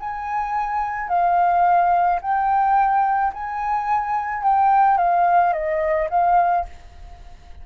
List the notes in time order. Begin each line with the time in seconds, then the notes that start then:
0.00 G#5
1.09 F5
2.22 G5
3.34 G#5
4.43 G5
4.98 F5
5.53 D#5
6.10 F5